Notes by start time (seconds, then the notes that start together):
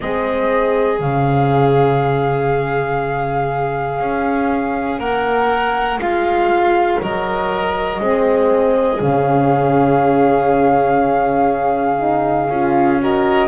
0.00 G#3 C4 G#4 D#5
0.99 C#3 C#4 F5
3.99 C#4
4.98 A#3 A#4 F#5
5.97 G#3 F4 F5
7.01 F#3 A#4 D#5
7.99 G#3 C4 G#4
9.00 C#3 C#4 F5
11.98 D#4
12.49 C#4 F4
13.00 F#4 A#4 D#5